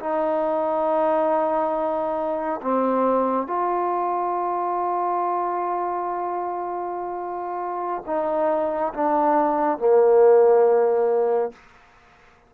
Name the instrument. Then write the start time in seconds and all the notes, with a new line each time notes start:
trombone
0.00 D#4
2.62 C4
3.47 F4
8.06 D#4
8.94 D4
9.78 A#3